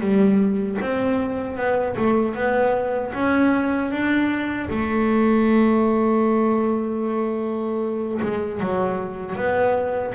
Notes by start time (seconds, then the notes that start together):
0.00 G3
0.81 C4
1.57 B3
1.97 A3
2.34 B3
3.13 C#4
3.91 D4
4.70 A3
8.22 G#3
8.60 F#3
9.36 B3